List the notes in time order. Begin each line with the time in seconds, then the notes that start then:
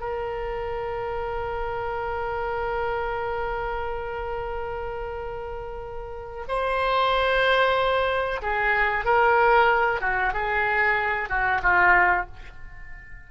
0.00 A#4
6.48 C5
8.42 G#4
9.05 A#4
10.01 F#4
10.33 G#4
11.29 F#4
11.62 F4